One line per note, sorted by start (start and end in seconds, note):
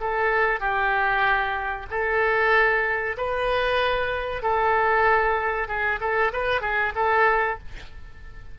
0.00 0.60 A4
0.60 1.86 G4
1.90 3.16 A4
3.17 4.42 B4
4.42 5.68 A4
5.68 5.99 G#4
6.00 6.32 A4
6.32 6.61 B4
6.61 6.92 G#4
6.95 7.58 A4